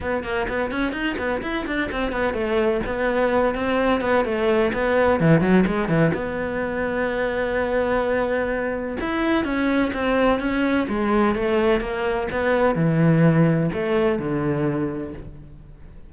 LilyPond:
\new Staff \with { instrumentName = "cello" } { \time 4/4 \tempo 4 = 127 b8 ais8 b8 cis'8 dis'8 b8 e'8 d'8 | c'8 b8 a4 b4. c'8~ | c'8 b8 a4 b4 e8 fis8 | gis8 e8 b2.~ |
b2. e'4 | cis'4 c'4 cis'4 gis4 | a4 ais4 b4 e4~ | e4 a4 d2 | }